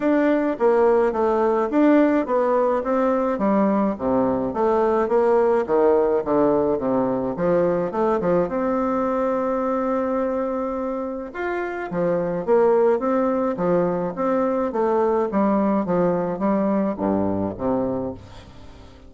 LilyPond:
\new Staff \with { instrumentName = "bassoon" } { \time 4/4 \tempo 4 = 106 d'4 ais4 a4 d'4 | b4 c'4 g4 c4 | a4 ais4 dis4 d4 | c4 f4 a8 f8 c'4~ |
c'1 | f'4 f4 ais4 c'4 | f4 c'4 a4 g4 | f4 g4 g,4 c4 | }